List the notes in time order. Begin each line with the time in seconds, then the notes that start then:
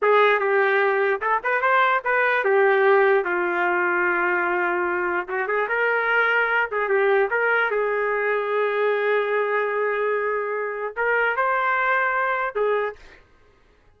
0.01 G#4
0.39 G4
1.21 A4
1.43 B4
1.61 C5
2.04 B4
2.44 G4
3.24 F4
5.28 F#4
5.47 G#4
5.68 A#4
6.71 G#4
6.88 G4
7.30 A#4
7.70 G#4
10.96 A#4
11.36 C5
12.55 G#4